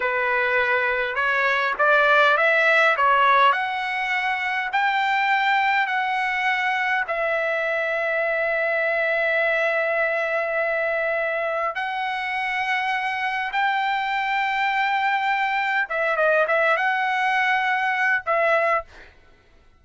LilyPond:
\new Staff \with { instrumentName = "trumpet" } { \time 4/4 \tempo 4 = 102 b'2 cis''4 d''4 | e''4 cis''4 fis''2 | g''2 fis''2 | e''1~ |
e''1 | fis''2. g''4~ | g''2. e''8 dis''8 | e''8 fis''2~ fis''8 e''4 | }